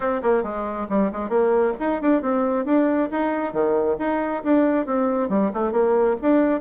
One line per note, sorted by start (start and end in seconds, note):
0.00 0.21 C4
0.22 0.43 A#3
0.43 0.87 G#3
0.89 1.11 G3
1.12 1.29 G#3
1.29 1.73 A#3
1.79 2.01 D#4
2.01 2.21 D4
2.21 2.65 C4
2.65 3.09 D4
3.11 3.52 D#4
3.52 3.96 D#3
3.98 4.43 D#4
4.43 4.86 D4
4.86 5.29 C4
5.29 5.51 G3
5.53 5.72 A3
5.72 6.16 A#3
6.21 6.60 D4